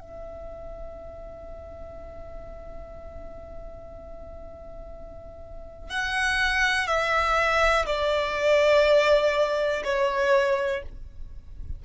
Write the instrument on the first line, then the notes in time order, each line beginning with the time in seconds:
violin
0.00 E5
5.90 F#5
6.87 E5
7.86 D5
9.84 C#5